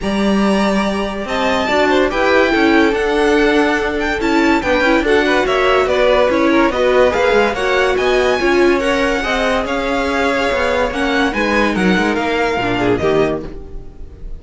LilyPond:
<<
  \new Staff \with { instrumentName = "violin" } { \time 4/4 \tempo 4 = 143 ais''2. a''4~ | a''4 g''2 fis''4~ | fis''4. g''8 a''4 g''4 | fis''4 e''4 d''4 cis''4 |
dis''4 f''4 fis''4 gis''4~ | gis''4 fis''2 f''4~ | f''2 fis''4 gis''4 | fis''4 f''2 dis''4 | }
  \new Staff \with { instrumentName = "violin" } { \time 4/4 d''2. dis''4 | d''8 c''8 b'4 a'2~ | a'2. b'4 | a'8 b'8 cis''4 b'4. ais'8 |
b'2 cis''4 dis''4 | cis''2 dis''4 cis''4~ | cis''2. b'4 | ais'2~ ais'8 gis'8 g'4 | }
  \new Staff \with { instrumentName = "viola" } { \time 4/4 g'1 | fis'4 g'4 e'4 d'4~ | d'2 e'4 d'8 e'8 | fis'2. e'4 |
fis'4 gis'4 fis'2 | f'4 ais'4 gis'2~ | gis'2 cis'4 dis'4~ | dis'2 d'4 ais4 | }
  \new Staff \with { instrumentName = "cello" } { \time 4/4 g2. c'4 | d'4 e'4 cis'4 d'4~ | d'2 cis'4 b8 cis'8 | d'4 ais4 b4 cis'4 |
b4 ais8 gis8 ais4 b4 | cis'2 c'4 cis'4~ | cis'4 b4 ais4 gis4 | fis8 gis8 ais4 ais,4 dis4 | }
>>